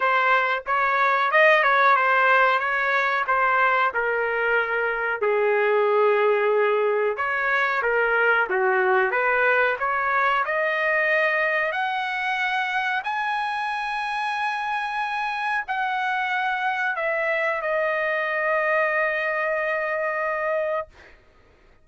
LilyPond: \new Staff \with { instrumentName = "trumpet" } { \time 4/4 \tempo 4 = 92 c''4 cis''4 dis''8 cis''8 c''4 | cis''4 c''4 ais'2 | gis'2. cis''4 | ais'4 fis'4 b'4 cis''4 |
dis''2 fis''2 | gis''1 | fis''2 e''4 dis''4~ | dis''1 | }